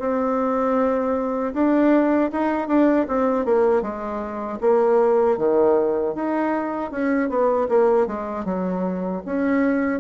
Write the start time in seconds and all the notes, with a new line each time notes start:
0.00 C4
1.54 D4
2.32 D#4
2.68 D4
3.08 C4
3.46 A#3
3.83 G#3
4.62 A#3
5.38 D#3
6.15 D#4
6.92 C#4
7.30 B3
7.69 A#3
8.07 G#3
8.45 F#3
9.26 C#4